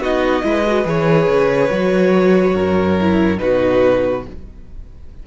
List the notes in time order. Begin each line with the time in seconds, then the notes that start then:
0.00 B3 D#4 F#4 D#5
0.43 G#3 E4 B4
0.67 F#4
0.84 E3 G#4 C#5
1.28 C#3
1.71 F#3 F#4
2.55 F#2 A#4
3.01 E4
3.37 B2 D#4 F#4 B4